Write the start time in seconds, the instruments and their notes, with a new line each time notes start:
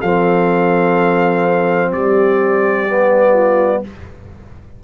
0.00 tuba F3, trombone C4, horn A4, trumpet F5
1.92 tuba G3, horn G4, trumpet D5
2.88 trombone B3
3.33 horn F4